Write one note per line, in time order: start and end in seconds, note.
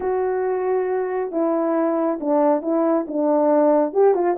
0.00 1.31 F#4
1.31 2.19 E4
2.20 2.62 D4
2.62 3.06 E4
3.07 3.93 D4
3.93 4.14 G4
4.14 4.36 F4